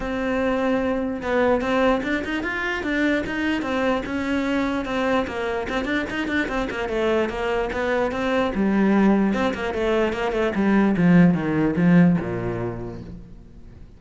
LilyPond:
\new Staff \with { instrumentName = "cello" } { \time 4/4 \tempo 4 = 148 c'2. b4 | c'4 d'8 dis'8 f'4 d'4 | dis'4 c'4 cis'2 | c'4 ais4 c'8 d'8 dis'8 d'8 |
c'8 ais8 a4 ais4 b4 | c'4 g2 c'8 ais8 | a4 ais8 a8 g4 f4 | dis4 f4 ais,2 | }